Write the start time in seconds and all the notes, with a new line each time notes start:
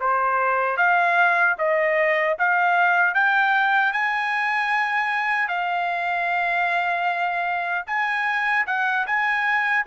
0.00 C5
0.77 F5
1.58 D#5
2.39 F5
3.14 G5
3.93 G#5
5.48 F5
7.87 G#5
8.67 F#5
9.06 G#5